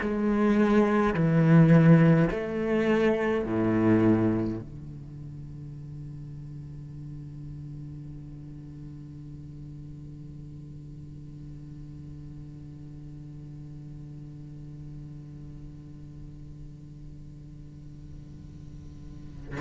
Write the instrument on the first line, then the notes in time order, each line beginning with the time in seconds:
cello
0.00 G#3
1.14 E3
2.30 A3
3.45 A2
4.60 D3